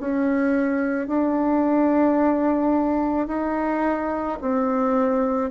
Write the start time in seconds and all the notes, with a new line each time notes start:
0.00 C#4
1.08 D4
3.27 D#4
4.41 C4